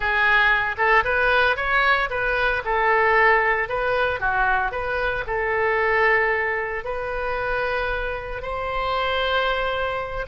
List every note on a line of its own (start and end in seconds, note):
0.00 0.76 G#4
0.77 1.03 A4
1.04 1.56 B4
1.56 2.09 C#5
2.10 2.62 B4
2.65 3.68 A4
3.68 4.20 B4
4.20 4.71 F#4
4.71 5.24 B4
5.26 6.84 A4
6.84 8.42 B4
8.42 10.26 C5